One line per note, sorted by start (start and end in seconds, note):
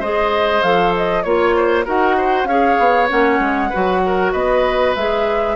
0.00 0.62 G#3
0.00 0.63 G#4
0.00 1.24 C5
0.00 0.63 D#5
0.63 1.25 F3
0.63 1.25 A4
0.63 0.94 F5
0.97 1.23 D#5
1.23 1.87 A#3
1.23 1.85 F4
1.23 1.85 C#5
1.23 1.56 C#5
1.57 1.85 C5
1.85 2.45 D#4
1.85 2.47 F#4
1.85 2.16 A#4
1.85 2.46 F#5
2.18 2.48 C5
2.45 2.76 C#4
2.45 3.08 G#4
2.45 3.69 C#5
2.45 3.08 F5
2.79 3.10 B3
3.08 3.40 A#3
3.08 3.70 C#4
3.08 4.33 F#5
3.40 3.71 G#3
3.69 4.97 F#4
3.69 4.00 B4
3.76 4.34 F#3
4.06 4.32 A#4
4.32 4.95 B3
4.32 5.56 B4
4.32 4.95 D#5
4.95 5.56 G#3
4.95 5.56 G#4
4.95 5.56 E5